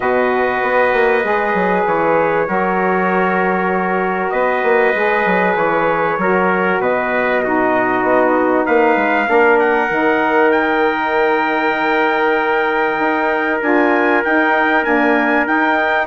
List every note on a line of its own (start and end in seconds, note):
0.00 0.61 B2
0.00 1.22 F#4
0.00 2.48 B4
0.00 1.84 D#5
0.62 0.93 B3
0.93 1.24 A#3
1.23 1.54 G#3
1.23 2.46 G#4
1.54 1.85 F#3
1.86 2.47 E3
1.86 4.30 C#5
2.46 4.31 F#3
2.46 4.94 F#4
2.46 4.32 A#4
4.30 4.62 B3
4.30 6.18 B4
4.30 5.53 D#5
4.62 4.93 A#3
4.94 5.25 G#3
4.94 6.19 G#4
5.25 5.56 F#3
5.56 6.17 E3
5.56 6.80 C#5
6.17 6.79 F#3
6.17 7.43 F#4
6.17 6.81 A#4
6.79 8.02 B2
6.79 7.43 B4
6.79 8.65 D#5
7.43 9.25 D#4
7.43 8.66 F#4
8.02 8.64 B3
8.65 8.96 A#3
8.65 9.28 B4
8.65 9.58 F5
8.96 9.27 G#3
9.25 9.90 A#3
9.25 9.87 D4
9.25 16.06 A#4
9.59 10.51 F#5
9.89 12.99 D#3
9.89 13.60 D#4
10.51 13.60 G5
12.99 13.61 D#4
13.61 14.23 D4
13.61 14.23 F4
13.61 14.24 G#5
14.24 14.86 D#4
14.24 14.83 D#4
14.24 14.84 G5
14.83 15.45 A#3
14.83 15.47 D4
14.83 15.46 G#5
15.45 16.06 D#4
15.45 16.06 G5